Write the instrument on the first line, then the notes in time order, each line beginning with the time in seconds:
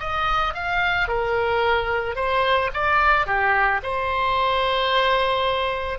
oboe
0.00 D#5
0.55 F5
1.09 A#4
2.16 C5
2.74 D5
3.27 G4
3.83 C5